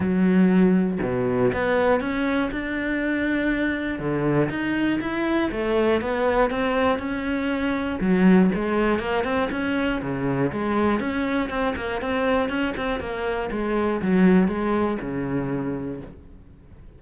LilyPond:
\new Staff \with { instrumentName = "cello" } { \time 4/4 \tempo 4 = 120 fis2 b,4 b4 | cis'4 d'2. | d4 dis'4 e'4 a4 | b4 c'4 cis'2 |
fis4 gis4 ais8 c'8 cis'4 | cis4 gis4 cis'4 c'8 ais8 | c'4 cis'8 c'8 ais4 gis4 | fis4 gis4 cis2 | }